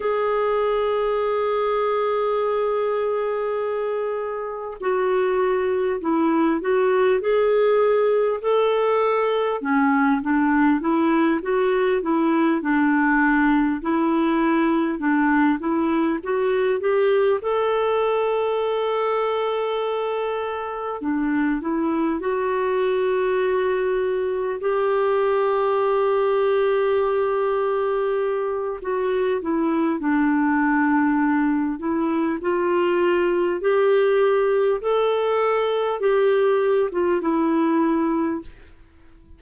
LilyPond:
\new Staff \with { instrumentName = "clarinet" } { \time 4/4 \tempo 4 = 50 gis'1 | fis'4 e'8 fis'8 gis'4 a'4 | cis'8 d'8 e'8 fis'8 e'8 d'4 e'8~ | e'8 d'8 e'8 fis'8 g'8 a'4.~ |
a'4. d'8 e'8 fis'4.~ | fis'8 g'2.~ g'8 | fis'8 e'8 d'4. e'8 f'4 | g'4 a'4 g'8. f'16 e'4 | }